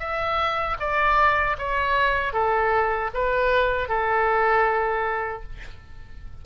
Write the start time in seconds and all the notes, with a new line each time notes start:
0.00 E5
0.80 D5
1.59 C#5
2.34 A4
3.14 B4
3.89 A4